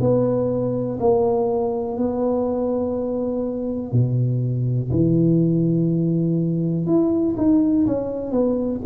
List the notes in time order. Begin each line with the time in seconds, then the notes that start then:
0.00 B3
1.00 A#3
1.97 B3
3.92 B2
4.91 E3
6.86 E4
7.37 D#4
7.86 C#4
8.31 B3